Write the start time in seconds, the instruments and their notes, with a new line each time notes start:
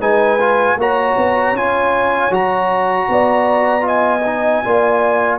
0.00 tuba G#3, trombone D#4, horn B4, trumpet G#5
0.40 trombone F4
0.77 tuba A#3, trombone F#4, horn C#5, trumpet A#5
1.17 tuba B3
1.53 tuba C#4, trombone F4, trumpet G#5
2.31 tuba F#3, trombone F#4, trumpet A#5
3.09 tuba B3, horn D5
3.81 trombone F4, horn D#5
3.88 trumpet G#5
4.26 trombone D#4
4.65 tuba A#3, trombone F4, horn D5